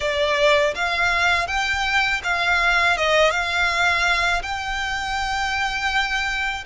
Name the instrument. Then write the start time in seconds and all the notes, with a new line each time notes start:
violin
0.00 D5
0.74 F5
1.47 G5
2.23 F5
2.97 D#5
3.30 F5
4.42 G5